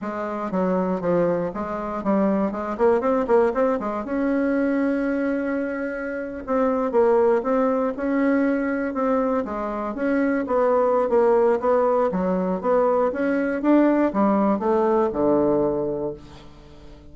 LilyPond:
\new Staff \with { instrumentName = "bassoon" } { \time 4/4 \tempo 4 = 119 gis4 fis4 f4 gis4 | g4 gis8 ais8 c'8 ais8 c'8 gis8 | cis'1~ | cis'8. c'4 ais4 c'4 cis'16~ |
cis'4.~ cis'16 c'4 gis4 cis'16~ | cis'8. b4~ b16 ais4 b4 | fis4 b4 cis'4 d'4 | g4 a4 d2 | }